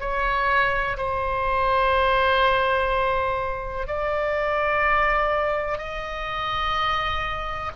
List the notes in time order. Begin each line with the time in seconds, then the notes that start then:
0.00 C#5
0.97 C5
3.87 D5
5.78 D#5